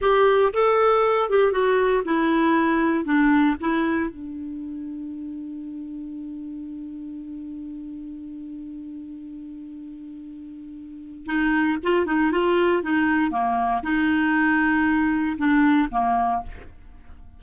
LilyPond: \new Staff \with { instrumentName = "clarinet" } { \time 4/4 \tempo 4 = 117 g'4 a'4. g'8 fis'4 | e'2 d'4 e'4 | d'1~ | d'1~ |
d'1~ | d'2 dis'4 f'8 dis'8 | f'4 dis'4 ais4 dis'4~ | dis'2 d'4 ais4 | }